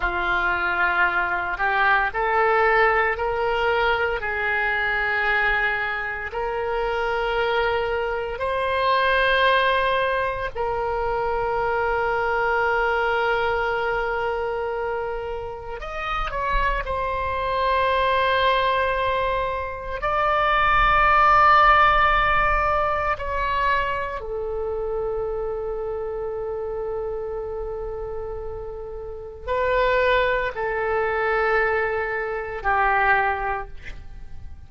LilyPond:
\new Staff \with { instrumentName = "oboe" } { \time 4/4 \tempo 4 = 57 f'4. g'8 a'4 ais'4 | gis'2 ais'2 | c''2 ais'2~ | ais'2. dis''8 cis''8 |
c''2. d''4~ | d''2 cis''4 a'4~ | a'1 | b'4 a'2 g'4 | }